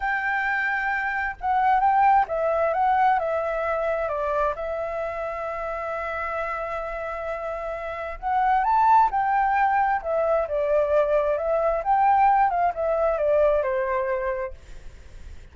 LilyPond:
\new Staff \with { instrumentName = "flute" } { \time 4/4 \tempo 4 = 132 g''2. fis''4 | g''4 e''4 fis''4 e''4~ | e''4 d''4 e''2~ | e''1~ |
e''2 fis''4 a''4 | g''2 e''4 d''4~ | d''4 e''4 g''4. f''8 | e''4 d''4 c''2 | }